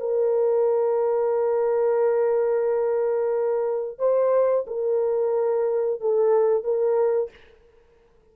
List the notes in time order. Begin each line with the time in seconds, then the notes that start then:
0.00 A#4
3.99 C5
4.68 A#4
6.01 A4
6.64 A#4